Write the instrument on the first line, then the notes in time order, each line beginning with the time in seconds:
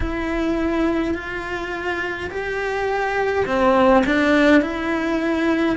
cello
0.00 E4
1.14 F4
2.30 G4
3.46 C4
4.05 D4
4.61 E4